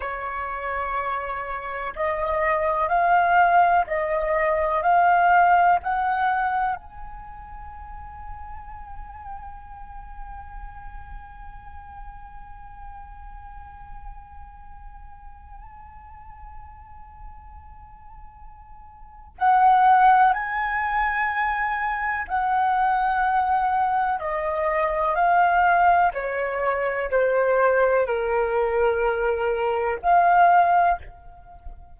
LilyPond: \new Staff \with { instrumentName = "flute" } { \time 4/4 \tempo 4 = 62 cis''2 dis''4 f''4 | dis''4 f''4 fis''4 gis''4~ | gis''1~ | gis''1~ |
gis''1 | fis''4 gis''2 fis''4~ | fis''4 dis''4 f''4 cis''4 | c''4 ais'2 f''4 | }